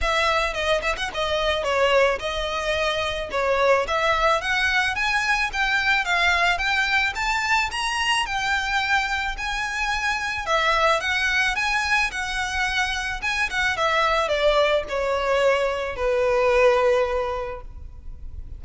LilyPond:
\new Staff \with { instrumentName = "violin" } { \time 4/4 \tempo 4 = 109 e''4 dis''8 e''16 fis''16 dis''4 cis''4 | dis''2 cis''4 e''4 | fis''4 gis''4 g''4 f''4 | g''4 a''4 ais''4 g''4~ |
g''4 gis''2 e''4 | fis''4 gis''4 fis''2 | gis''8 fis''8 e''4 d''4 cis''4~ | cis''4 b'2. | }